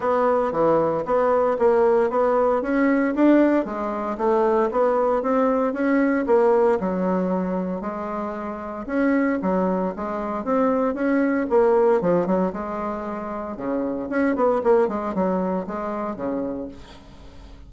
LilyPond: \new Staff \with { instrumentName = "bassoon" } { \time 4/4 \tempo 4 = 115 b4 e4 b4 ais4 | b4 cis'4 d'4 gis4 | a4 b4 c'4 cis'4 | ais4 fis2 gis4~ |
gis4 cis'4 fis4 gis4 | c'4 cis'4 ais4 f8 fis8 | gis2 cis4 cis'8 b8 | ais8 gis8 fis4 gis4 cis4 | }